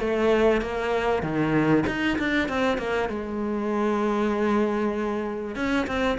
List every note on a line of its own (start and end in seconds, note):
0.00 0.62 A3
0.62 1.23 A#3
1.23 1.84 D#3
1.87 2.18 D#4
2.19 2.49 D4
2.49 2.78 C4
2.78 3.09 A#3
3.09 5.56 G#3
5.56 5.87 C#4
5.87 6.18 C4